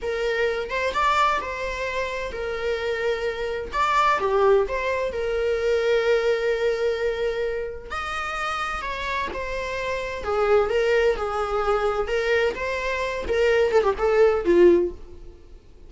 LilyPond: \new Staff \with { instrumentName = "viola" } { \time 4/4 \tempo 4 = 129 ais'4. c''8 d''4 c''4~ | c''4 ais'2. | d''4 g'4 c''4 ais'4~ | ais'1~ |
ais'4 dis''2 cis''4 | c''2 gis'4 ais'4 | gis'2 ais'4 c''4~ | c''8 ais'4 a'16 g'16 a'4 f'4 | }